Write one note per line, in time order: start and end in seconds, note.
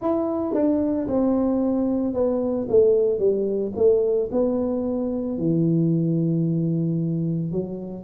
0.00 0.53 E4
0.53 1.07 D4
1.07 2.13 C4
2.13 2.67 B3
2.69 3.19 A3
3.19 3.72 G3
3.75 4.29 A3
4.31 5.38 B3
5.38 7.51 E3
7.51 8.03 F#3